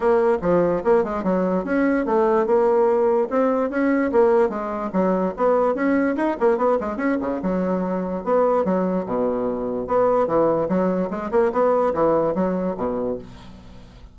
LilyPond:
\new Staff \with { instrumentName = "bassoon" } { \time 4/4 \tempo 4 = 146 ais4 f4 ais8 gis8 fis4 | cis'4 a4 ais2 | c'4 cis'4 ais4 gis4 | fis4 b4 cis'4 dis'8 ais8 |
b8 gis8 cis'8 cis8 fis2 | b4 fis4 b,2 | b4 e4 fis4 gis8 ais8 | b4 e4 fis4 b,4 | }